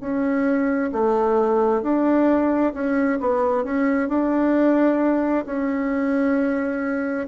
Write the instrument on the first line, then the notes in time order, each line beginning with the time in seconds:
bassoon
0.00 C#4
0.92 A3
1.82 D4
2.74 C#4
3.20 B3
3.64 C#4
4.09 D4
5.45 C#4